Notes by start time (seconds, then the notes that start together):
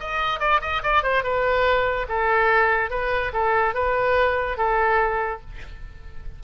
0.00 D#5
0.40 D5
0.61 D#5
0.83 D5
1.03 C5
1.24 B4
2.09 A4
2.91 B4
3.33 A4
3.74 B4
4.58 A4